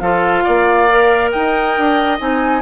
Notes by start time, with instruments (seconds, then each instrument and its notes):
0.00 bassoon F3, clarinet F4, oboe A4, flute F5
0.44 bassoon A#3, oboe D5
0.90 clarinet A#4
1.32 bassoon D#4, oboe D#5, flute G5
1.78 bassoon D4
2.19 bassoon C4, clarinet D#4, flute G#5